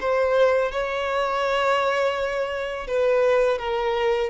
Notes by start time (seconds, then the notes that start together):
0.00 C5
0.72 C#5
2.87 B4
3.58 A#4